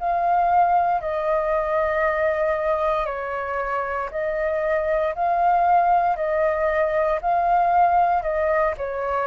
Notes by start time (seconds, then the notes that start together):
0.00 F5
1.01 D#5
3.06 C#5
4.11 D#5
5.15 F5
6.17 D#5
7.22 F5
8.23 D#5
8.78 C#5